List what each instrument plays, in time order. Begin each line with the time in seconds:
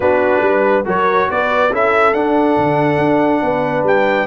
0.00 tuba B3, trombone D4, horn F#4, trumpet B4
0.41 tuba G3, horn B4
0.84 tuba F#3, trombone F#4, horn A#4, trumpet C#5
1.30 tuba B3, horn B4, trumpet D5
1.72 tuba C#4, trombone E4, horn A4, trumpet E5
2.13 tuba D4, trombone D4, trumpet F#5
2.57 tuba D3
2.98 tuba D4
3.41 tuba B3, horn B4
3.83 tuba G3, trumpet G5